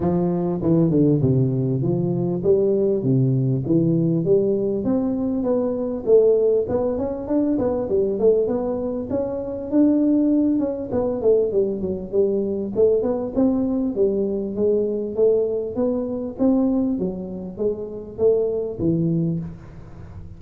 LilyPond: \new Staff \with { instrumentName = "tuba" } { \time 4/4 \tempo 4 = 99 f4 e8 d8 c4 f4 | g4 c4 e4 g4 | c'4 b4 a4 b8 cis'8 | d'8 b8 g8 a8 b4 cis'4 |
d'4. cis'8 b8 a8 g8 fis8 | g4 a8 b8 c'4 g4 | gis4 a4 b4 c'4 | fis4 gis4 a4 e4 | }